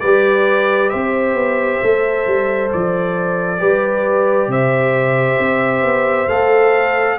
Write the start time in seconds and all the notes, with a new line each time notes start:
0.00 G3 G4 B4 D5
0.89 C4 C5 E5
1.34 B3
1.82 A3 A4
2.26 G3
2.73 F3 D5
3.58 G3 G4 B4
4.47 C3 C5 E5
5.39 C4
5.82 B3
6.27 A3 A4 F5